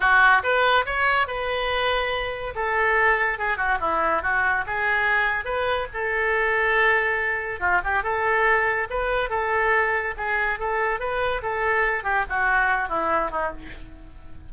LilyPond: \new Staff \with { instrumentName = "oboe" } { \time 4/4 \tempo 4 = 142 fis'4 b'4 cis''4 b'4~ | b'2 a'2 | gis'8 fis'8 e'4 fis'4 gis'4~ | gis'4 b'4 a'2~ |
a'2 f'8 g'8 a'4~ | a'4 b'4 a'2 | gis'4 a'4 b'4 a'4~ | a'8 g'8 fis'4. e'4 dis'8 | }